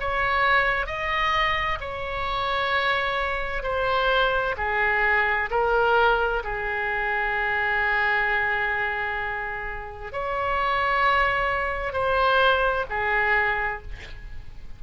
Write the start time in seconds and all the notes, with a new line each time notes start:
0.00 C#5
0.86 D#5
1.80 C#5
3.63 C5
4.57 G#4
5.50 A#4
6.44 G#4
10.12 C#5
11.93 C5
12.89 G#4